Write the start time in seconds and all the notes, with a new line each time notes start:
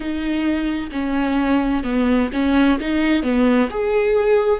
0.00 D#4
0.91 C#4
1.83 B3
2.32 C#4
2.80 D#4
3.22 B3
3.70 G#4